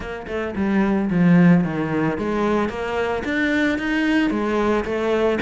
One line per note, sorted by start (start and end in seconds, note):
0.00 0.26 A#3
0.27 0.54 A3
0.55 1.09 G3
1.10 1.64 F3
1.64 2.17 D#3
2.17 2.69 G#3
2.69 3.23 A#3
3.24 3.78 D4
3.78 4.30 D#4
4.30 4.84 G#3
4.85 5.39 A3